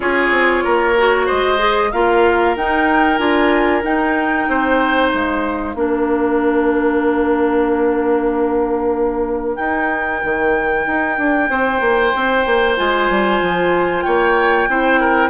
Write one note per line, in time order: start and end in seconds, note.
0.00 0.30 C#4
0.00 0.95 F4
0.00 0.63 G#4
0.00 1.28 C#5
0.30 0.62 C4
0.63 1.29 A#3
0.63 1.26 A#4
0.97 1.57 F#4
1.26 1.93 G#3
1.26 1.89 C5
1.26 1.91 D#5
1.57 1.89 G#4
1.92 2.55 A#3
1.92 2.57 F4
1.92 4.48 A#4
1.92 2.55 F5
2.55 3.19 D#4
2.55 3.18 D#4
2.55 3.18 G5
3.18 3.83 D4
3.18 3.82 F4
3.18 3.82 G#5
3.83 5.74 D#4
3.83 4.47 D#4
3.83 5.09 G5
4.48 5.12 C4
4.48 5.75 C5
5.09 5.74 G#3
5.09 9.55 F5
5.74 9.57 A#3
5.74 9.58 D4
5.74 11.50 A#4
9.56 10.21 D#4
9.56 12.76 D#4
9.56 12.75 G5
10.24 10.86 D#3
10.86 11.18 D#4
11.18 11.49 D4
11.49 11.80 C4
11.49 14.04 C5
11.80 12.12 A#3
12.15 12.45 C4
12.45 12.77 A#3
12.76 13.10 G#3
12.76 14.68 F4
12.76 14.02 G#5
13.10 13.41 G3
13.41 14.05 F3
14.02 14.68 A#3
14.02 14.68 C#5
14.02 15.29 G5
14.68 15.29 C4
14.68 15.29 E4
14.68 15.00 C5
15.00 15.29 A#4